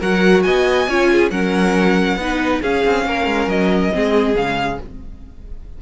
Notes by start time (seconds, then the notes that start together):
0.00 F#3 F#4 A#4 F#5
0.42 B3 D#5 G#5
0.87 C#4 F4 C#5
1.12 G#4
1.30 F#3 C#4 A#4 F#5
2.16 B3 D#4
2.23 B4
2.62 C#4 G#4 F5
2.85 C4
3.06 A#3 A#4
3.26 G#3
3.47 F#3 D#5
3.92 G#3 C4 G#4
4.35 C#3 G#3 F5